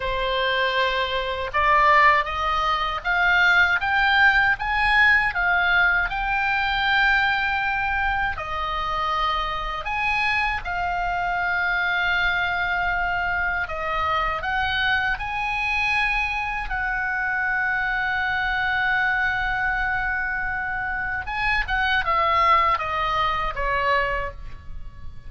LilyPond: \new Staff \with { instrumentName = "oboe" } { \time 4/4 \tempo 4 = 79 c''2 d''4 dis''4 | f''4 g''4 gis''4 f''4 | g''2. dis''4~ | dis''4 gis''4 f''2~ |
f''2 dis''4 fis''4 | gis''2 fis''2~ | fis''1 | gis''8 fis''8 e''4 dis''4 cis''4 | }